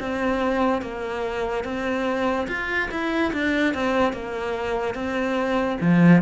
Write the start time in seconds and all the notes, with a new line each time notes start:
0.00 C4
0.82 A#3
1.64 C4
2.48 F4
2.92 E4
3.34 D4
3.75 C4
4.14 A#3
4.95 C4
5.81 F3